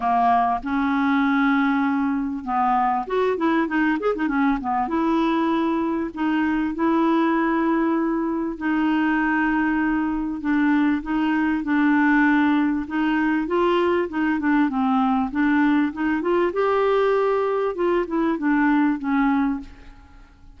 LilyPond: \new Staff \with { instrumentName = "clarinet" } { \time 4/4 \tempo 4 = 98 ais4 cis'2. | b4 fis'8 e'8 dis'8 gis'16 dis'16 cis'8 b8 | e'2 dis'4 e'4~ | e'2 dis'2~ |
dis'4 d'4 dis'4 d'4~ | d'4 dis'4 f'4 dis'8 d'8 | c'4 d'4 dis'8 f'8 g'4~ | g'4 f'8 e'8 d'4 cis'4 | }